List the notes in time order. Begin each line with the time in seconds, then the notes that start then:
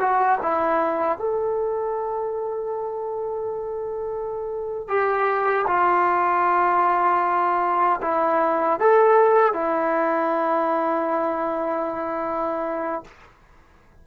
0.00 F#4
0.43 E4
1.19 A4
4.88 G4
5.67 F4
8.02 E4
8.80 A4
9.53 E4